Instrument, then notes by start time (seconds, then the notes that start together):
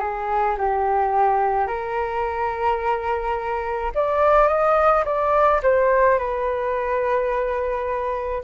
flute
0.00 G#4
0.58 G4
1.67 A#4
3.95 D5
4.48 D#5
5.05 D5
5.63 C5
6.18 B4